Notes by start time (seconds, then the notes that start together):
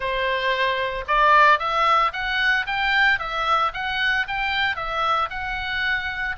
0.00 C5
1.07 D5
1.59 E5
2.12 F#5
2.66 G5
3.19 E5
3.73 F#5
4.27 G5
4.76 E5
5.30 F#5